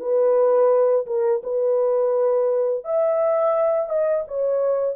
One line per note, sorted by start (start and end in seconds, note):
0.00 1.06 B4
1.07 1.42 A#4
1.43 2.85 B4
2.85 3.90 E5
3.90 4.25 D#5
4.28 4.96 C#5